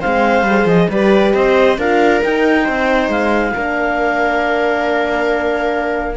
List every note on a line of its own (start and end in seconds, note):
0.00 0.42 G#3
0.00 0.46 C4
0.00 0.88 C5
0.00 0.67 F5
0.42 0.64 G3
0.42 0.90 G#4
0.65 0.87 F3
0.65 0.89 D#5
0.89 1.33 G3
0.89 1.78 G4
0.89 1.34 B4
0.89 1.33 D5
1.33 1.77 C4
1.33 1.78 C5
1.33 1.78 D#5
1.77 2.21 D4
1.77 2.23 F4
1.77 2.63 A#4
1.77 2.22 F5
2.22 3.54 D#4
2.22 2.68 D#4
2.22 3.11 G5
2.63 3.08 C4
2.63 3.51 C5
3.08 3.52 G#3
3.08 6.16 F5
3.54 6.16 A#3
3.54 6.16 D4
3.54 6.16 A#4